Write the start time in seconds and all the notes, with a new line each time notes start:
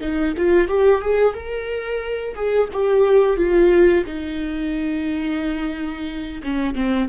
0.00 D#4
0.37 F4
0.68 G4
1.01 G#4
1.34 A#4
2.35 G#4
2.72 G4
3.36 F4
4.06 D#4
6.43 C#4
6.75 C4